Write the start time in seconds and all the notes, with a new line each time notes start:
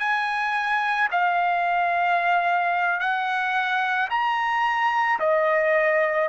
0.00 G#5
1.12 F5
3.00 F#5
4.11 A#5
5.20 D#5